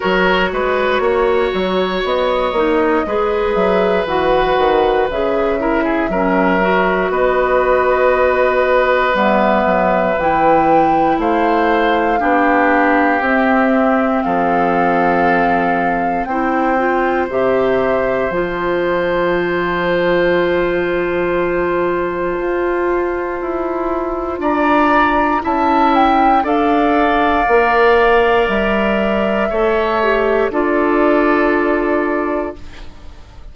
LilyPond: <<
  \new Staff \with { instrumentName = "flute" } { \time 4/4 \tempo 4 = 59 cis''2 dis''4. e''8 | fis''4 e''2 dis''4~ | dis''4 e''4 g''4 f''4~ | f''4 e''4 f''2 |
g''4 e''4 a''2~ | a''1 | ais''4 a''8 g''8 f''2 | e''2 d''2 | }
  \new Staff \with { instrumentName = "oboe" } { \time 4/4 ais'8 b'8 cis''2 b'4~ | b'4. ais'16 gis'16 ais'4 b'4~ | b'2. c''4 | g'2 a'2 |
c''1~ | c''1 | d''4 e''4 d''2~ | d''4 cis''4 a'2 | }
  \new Staff \with { instrumentName = "clarinet" } { \time 4/4 fis'2~ fis'8 dis'8 gis'4 | fis'4 gis'8 e'8 cis'8 fis'4.~ | fis'4 b4 e'2 | d'4 c'2. |
e'8 f'8 g'4 f'2~ | f'1~ | f'4 e'4 a'4 ais'4~ | ais'4 a'8 g'8 f'2 | }
  \new Staff \with { instrumentName = "bassoon" } { \time 4/4 fis8 gis8 ais8 fis8 b8 ais8 gis8 fis8 | e8 dis8 cis4 fis4 b4~ | b4 g8 fis8 e4 a4 | b4 c'4 f2 |
c'4 c4 f2~ | f2 f'4 e'4 | d'4 cis'4 d'4 ais4 | g4 a4 d'2 | }
>>